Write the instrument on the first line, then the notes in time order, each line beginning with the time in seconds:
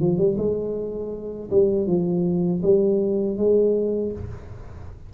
tuba
0.00 F3
0.18 G3
0.38 G#3
1.50 G3
1.87 F3
2.62 G3
3.37 G#3